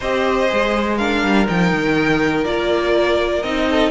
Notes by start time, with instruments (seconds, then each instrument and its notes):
0.00 cello C4, viola G4, violin C5 D#5
0.48 cello G#3, viola G#4
0.97 viola D4, violin A#4 F5
1.23 cello G3
1.47 cello F3, viola D#4, violin G5
1.72 cello D#3
2.44 cello A#3, viola F4, violin D5
3.42 cello C4, viola D#4, violin D#5
3.70 violin A4